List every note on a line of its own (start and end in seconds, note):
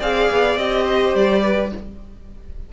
0.00 0.30 C4
0.00 0.58 G#4
0.00 0.84 D5
0.00 0.58 F5
0.31 0.57 B3
0.57 1.15 C4
0.57 1.73 G4
0.57 1.16 D#5
0.84 1.42 C5
1.15 1.72 G3
1.15 1.73 D5
1.43 1.72 B4